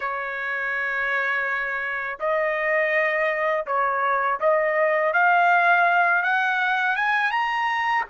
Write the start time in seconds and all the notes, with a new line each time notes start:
0.00 C#5
2.19 D#5
3.66 C#5
4.39 D#5
5.13 F5
6.23 F#5
6.95 G#5
7.31 A#5